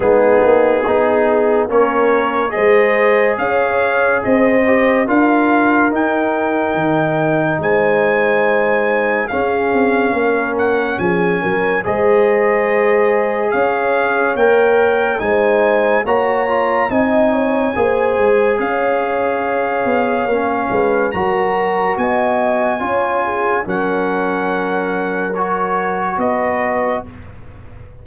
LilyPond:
<<
  \new Staff \with { instrumentName = "trumpet" } { \time 4/4 \tempo 4 = 71 gis'2 cis''4 dis''4 | f''4 dis''4 f''4 g''4~ | g''4 gis''2 f''4~ | f''8 fis''8 gis''4 dis''2 |
f''4 g''4 gis''4 ais''4 | gis''2 f''2~ | f''4 ais''4 gis''2 | fis''2 cis''4 dis''4 | }
  \new Staff \with { instrumentName = "horn" } { \time 4/4 dis'4 gis'4 ais'4 c''4 | cis''4 c''4 ais'2~ | ais'4 c''2 gis'4 | ais'4 gis'8 ais'8 c''2 |
cis''2 c''4 cis''4 | dis''8 cis''8 c''4 cis''2~ | cis''8 b'8 ais'4 dis''4 cis''8 gis'8 | ais'2. b'4 | }
  \new Staff \with { instrumentName = "trombone" } { \time 4/4 b4 dis'4 cis'4 gis'4~ | gis'4. g'8 f'4 dis'4~ | dis'2. cis'4~ | cis'2 gis'2~ |
gis'4 ais'4 dis'4 fis'8 f'8 | dis'4 gis'2. | cis'4 fis'2 f'4 | cis'2 fis'2 | }
  \new Staff \with { instrumentName = "tuba" } { \time 4/4 gis8 ais8 b4 ais4 gis4 | cis'4 c'4 d'4 dis'4 | dis4 gis2 cis'8 c'8 | ais4 f8 fis8 gis2 |
cis'4 ais4 gis4 ais4 | c'4 ais8 gis8 cis'4. b8 | ais8 gis8 fis4 b4 cis'4 | fis2. b4 | }
>>